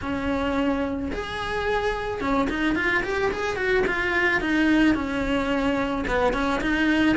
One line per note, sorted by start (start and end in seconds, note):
0.01 1.11 C#4
1.12 2.20 G#4
2.20 2.48 C#4
2.49 2.75 D#4
2.75 3.03 F4
3.03 3.31 G4
3.31 3.56 G#4
3.56 3.84 F#4
3.86 4.40 F4
4.40 4.94 D#4
4.94 6.04 C#4
6.07 6.33 B3
6.33 6.61 C#4
6.61 7.16 D#4